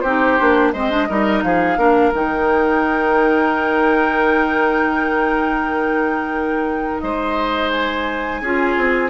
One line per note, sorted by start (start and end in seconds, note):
0.00 0.38 C4
0.00 0.73 G4
0.00 0.70 C5
0.06 0.39 D#4
0.39 0.74 A#3
0.39 0.74 D4
0.72 1.09 G#3
0.72 0.90 C4
0.72 1.08 C5
0.72 1.42 D#5
0.90 1.07 D4
1.09 1.43 G3
1.09 1.78 D#4
1.09 1.44 A#4
1.42 1.77 F3
1.42 1.78 G#4
1.42 2.12 F5
1.77 2.12 A#3
1.77 2.13 D4
1.77 7.01 A#4
2.14 7.02 D#3
2.14 8.42 D#4
2.14 7.00 G5
7.00 8.41 G#3
7.00 8.42 C5
7.00 7.70 D#5
7.70 9.10 G#5
8.41 8.76 C#4
8.41 9.10 F4
8.41 9.10 G#4
8.77 9.10 C4